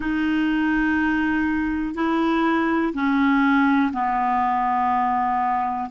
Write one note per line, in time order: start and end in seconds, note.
0.00 1.94 D#4
1.94 2.93 E4
2.93 3.91 C#4
3.93 5.89 B3